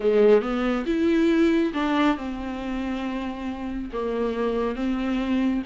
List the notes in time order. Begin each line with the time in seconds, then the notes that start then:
0.00 G#3
0.41 B3
0.86 E4
1.73 D4
2.16 C4
3.92 A#3
4.75 C4